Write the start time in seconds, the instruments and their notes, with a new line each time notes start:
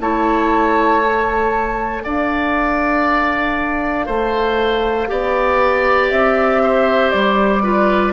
0.00 bassoon A3, clarinet E4, oboe C#5, flute A5
1.02 clarinet A4
2.04 bassoon D4, oboe D5, flute F5
4.06 bassoon A3, oboe C5
5.07 bassoon B3, clarinet G4, oboe D5
6.10 bassoon C4, flute E5
6.63 oboe C5
7.11 bassoon G3, flute D5
7.63 clarinet F4, oboe B4